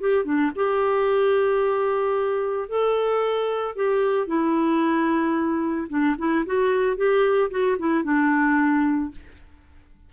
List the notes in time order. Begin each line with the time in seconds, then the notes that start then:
0.00 G4
0.25 D4
0.55 G4
2.68 A4
3.76 G4
4.27 E4
5.89 D4
6.18 E4
6.46 F#4
6.96 G4
7.50 F#4
7.78 E4
8.04 D4